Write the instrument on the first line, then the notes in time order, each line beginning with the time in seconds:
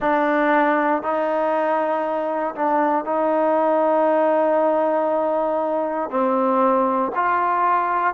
trombone
0.00 D4
1.02 D#4
2.55 D4
3.05 D#4
6.10 C4
7.15 F4